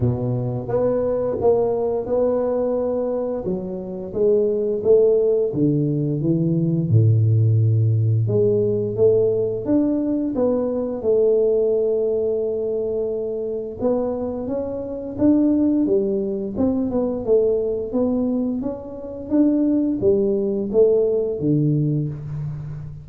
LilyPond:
\new Staff \with { instrumentName = "tuba" } { \time 4/4 \tempo 4 = 87 b,4 b4 ais4 b4~ | b4 fis4 gis4 a4 | d4 e4 a,2 | gis4 a4 d'4 b4 |
a1 | b4 cis'4 d'4 g4 | c'8 b8 a4 b4 cis'4 | d'4 g4 a4 d4 | }